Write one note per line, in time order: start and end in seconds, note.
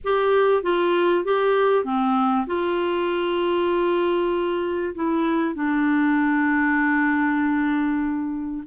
0.03 0.62 G4
0.62 1.24 F4
1.24 1.84 G4
1.84 2.46 C4
2.47 4.94 F4
4.94 5.54 E4
5.54 8.63 D4